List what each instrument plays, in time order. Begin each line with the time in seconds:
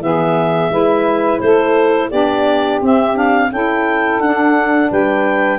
0.00 tuba E3, saxophone B3 G#4, clarinet E5
0.70 tuba G#3, saxophone E4 B4
1.40 tuba A3, saxophone A4, clarinet C5
2.09 tuba B3, saxophone D4 G4, clarinet D5
2.82 saxophone C4, tuba C4, clarinet E5
3.15 saxophone D4, clarinet F5
3.52 tuba C#4, saxophone E4 A4, clarinet G5
4.20 tuba D4, saxophone D4, clarinet F#5
4.90 tuba G3, saxophone B4, clarinet G5